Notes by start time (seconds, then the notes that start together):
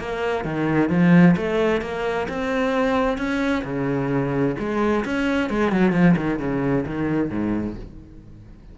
0.00 A#3
0.45 D#3
0.90 F3
1.37 A3
1.82 A#3
2.29 C4
3.18 C#4
3.65 C#3
4.59 G#3
5.05 C#4
5.50 G#3
5.72 F#3
5.93 F3
6.17 D#3
6.40 C#3
6.86 D#3
7.31 G#2